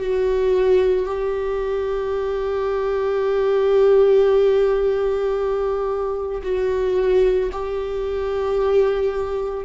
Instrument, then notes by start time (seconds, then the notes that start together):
viola
0.00 F#4
1.06 G4
6.43 F#4
7.52 G4